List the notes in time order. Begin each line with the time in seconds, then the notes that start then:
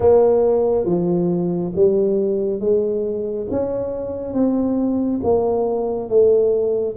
0.00 A#3
0.85 F3
1.75 G3
2.60 G#3
3.50 C#4
4.33 C4
5.23 A#3
6.09 A3